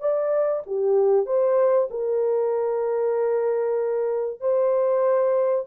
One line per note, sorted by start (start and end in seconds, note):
0.00 0.62 D5
0.66 1.26 G4
1.26 1.88 C5
1.91 4.40 A#4
4.40 5.65 C5